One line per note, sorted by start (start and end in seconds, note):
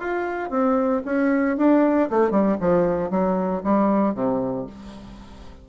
0.00 0.51 F4
0.51 1.03 C4
1.06 1.58 C#4
1.58 2.10 D4
2.10 2.31 A3
2.31 2.57 G3
2.61 3.11 F3
3.11 3.63 F#3
3.64 4.15 G3
4.15 4.67 C3